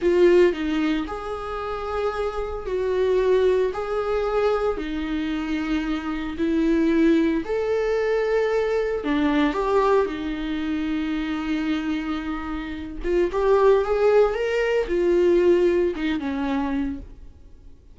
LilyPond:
\new Staff \with { instrumentName = "viola" } { \time 4/4 \tempo 4 = 113 f'4 dis'4 gis'2~ | gis'4 fis'2 gis'4~ | gis'4 dis'2. | e'2 a'2~ |
a'4 d'4 g'4 dis'4~ | dis'1~ | dis'8 f'8 g'4 gis'4 ais'4 | f'2 dis'8 cis'4. | }